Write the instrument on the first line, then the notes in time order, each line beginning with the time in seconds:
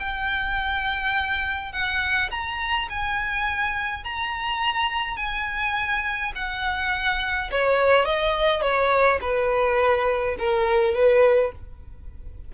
violin
0.00 G5
1.73 F#5
2.31 A#5
2.90 G#5
4.04 A#5
5.17 G#5
6.35 F#5
7.52 C#5
8.06 D#5
8.62 C#5
9.21 B4
10.39 A#4
10.95 B4